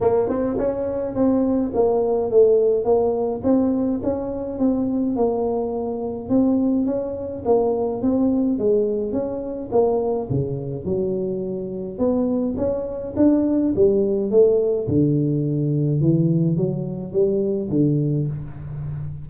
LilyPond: \new Staff \with { instrumentName = "tuba" } { \time 4/4 \tempo 4 = 105 ais8 c'8 cis'4 c'4 ais4 | a4 ais4 c'4 cis'4 | c'4 ais2 c'4 | cis'4 ais4 c'4 gis4 |
cis'4 ais4 cis4 fis4~ | fis4 b4 cis'4 d'4 | g4 a4 d2 | e4 fis4 g4 d4 | }